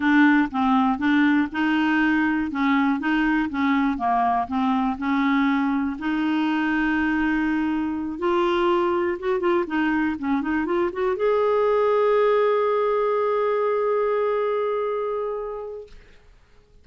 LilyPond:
\new Staff \with { instrumentName = "clarinet" } { \time 4/4 \tempo 4 = 121 d'4 c'4 d'4 dis'4~ | dis'4 cis'4 dis'4 cis'4 | ais4 c'4 cis'2 | dis'1~ |
dis'8 f'2 fis'8 f'8 dis'8~ | dis'8 cis'8 dis'8 f'8 fis'8 gis'4.~ | gis'1~ | gis'1 | }